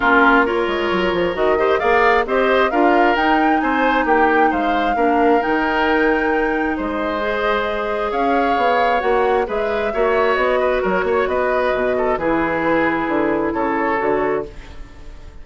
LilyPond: <<
  \new Staff \with { instrumentName = "flute" } { \time 4/4 \tempo 4 = 133 ais'4 cis''2 dis''4 | f''4 dis''4 f''4 g''4 | gis''4 g''4 f''2 | g''2. dis''4~ |
dis''2 f''2 | fis''4 e''2 dis''4 | cis''4 dis''2 b'4~ | b'2 cis''2 | }
  \new Staff \with { instrumentName = "oboe" } { \time 4/4 f'4 ais'2~ ais'8 c''8 | d''4 c''4 ais'2 | c''4 g'4 c''4 ais'4~ | ais'2. c''4~ |
c''2 cis''2~ | cis''4 b'4 cis''4. b'8 | ais'8 cis''8 b'4. a'8 gis'4~ | gis'2 a'2 | }
  \new Staff \with { instrumentName = "clarinet" } { \time 4/4 cis'4 f'2 fis'8 g'8 | gis'4 g'4 f'4 dis'4~ | dis'2. d'4 | dis'1 |
gis'1 | fis'4 gis'4 fis'2~ | fis'2. e'4~ | e'2. fis'4 | }
  \new Staff \with { instrumentName = "bassoon" } { \time 4/4 ais4. gis8 fis8 f8 dis4 | ais4 c'4 d'4 dis'4 | c'4 ais4 gis4 ais4 | dis2. gis4~ |
gis2 cis'4 b4 | ais4 gis4 ais4 b4 | fis8 ais8 b4 b,4 e4~ | e4 d4 cis4 d4 | }
>>